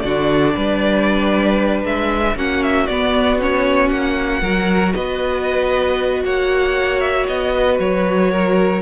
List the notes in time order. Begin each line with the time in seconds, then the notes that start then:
0.00 D3 D4 F#4 D5
0.54 G3 B4
1.84 G#3 E5
2.36 A#3 C#4 F#4 F#5
2.63 E5
2.87 B3 D5
3.40 C#4 C#5
3.90 A#3 F#5
4.42 F#3 F#4 A#4
4.94 B3 B4 D#5
6.24 A#3 C#5 F#5
7.00 E5
7.27 B3 D#5
7.54 B4
7.79 F#3 C#5
8.31 A#4